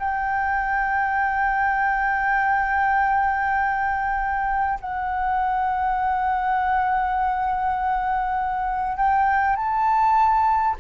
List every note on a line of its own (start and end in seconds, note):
0.00 4.80 G5
4.81 8.97 F#5
8.97 9.56 G5
9.56 10.76 A5